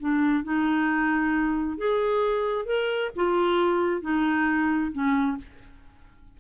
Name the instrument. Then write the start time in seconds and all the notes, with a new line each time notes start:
clarinet
0.00 D4
0.44 D#4
1.78 G#4
2.66 A#4
3.16 F4
4.02 D#4
4.92 C#4